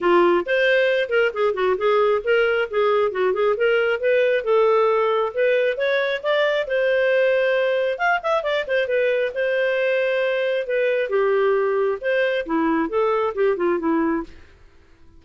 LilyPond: \new Staff \with { instrumentName = "clarinet" } { \time 4/4 \tempo 4 = 135 f'4 c''4. ais'8 gis'8 fis'8 | gis'4 ais'4 gis'4 fis'8 gis'8 | ais'4 b'4 a'2 | b'4 cis''4 d''4 c''4~ |
c''2 f''8 e''8 d''8 c''8 | b'4 c''2. | b'4 g'2 c''4 | e'4 a'4 g'8 f'8 e'4 | }